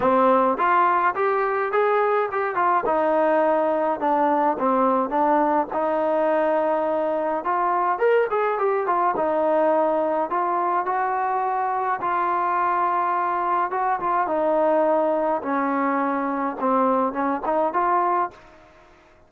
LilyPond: \new Staff \with { instrumentName = "trombone" } { \time 4/4 \tempo 4 = 105 c'4 f'4 g'4 gis'4 | g'8 f'8 dis'2 d'4 | c'4 d'4 dis'2~ | dis'4 f'4 ais'8 gis'8 g'8 f'8 |
dis'2 f'4 fis'4~ | fis'4 f'2. | fis'8 f'8 dis'2 cis'4~ | cis'4 c'4 cis'8 dis'8 f'4 | }